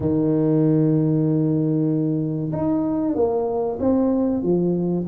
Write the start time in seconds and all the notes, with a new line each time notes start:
0.00 D#3
2.52 D#4
3.15 A#3
3.79 C4
4.42 F3